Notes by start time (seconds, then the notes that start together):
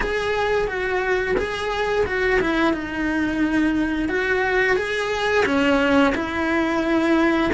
0.00 G#4
0.67 F#4
1.37 G#4
2.06 F#4
2.40 E4
2.73 D#4
4.08 F#4
4.76 G#4
5.45 C#4
6.14 E4